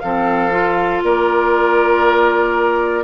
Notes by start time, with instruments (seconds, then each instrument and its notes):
0.00 bassoon F3, clarinet C4, oboe A4, flute F5
0.51 clarinet F4
1.03 bassoon A#3, oboe A#4, flute D5